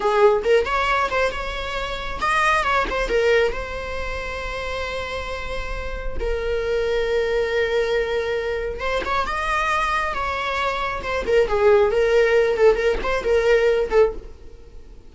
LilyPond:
\new Staff \with { instrumentName = "viola" } { \time 4/4 \tempo 4 = 136 gis'4 ais'8 cis''4 c''8 cis''4~ | cis''4 dis''4 cis''8 c''8 ais'4 | c''1~ | c''2 ais'2~ |
ais'1 | c''8 cis''8 dis''2 cis''4~ | cis''4 c''8 ais'8 gis'4 ais'4~ | ais'8 a'8 ais'8 c''8 ais'4. a'8 | }